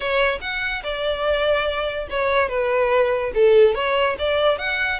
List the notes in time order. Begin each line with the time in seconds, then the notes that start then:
0.00 C#5
0.41 F#5
0.83 D5
2.09 C#5
2.48 B4
3.34 A4
3.74 C#5
4.18 D5
4.58 F#5